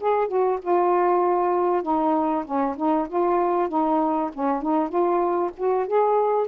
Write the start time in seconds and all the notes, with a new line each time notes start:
0.00 G#4
0.28 F#4
0.62 F4
1.82 D#4
2.45 C#4
2.76 D#4
3.08 F4
3.68 D#4
4.33 C#4
4.62 D#4
4.89 F4
5.57 F#4
5.87 G#4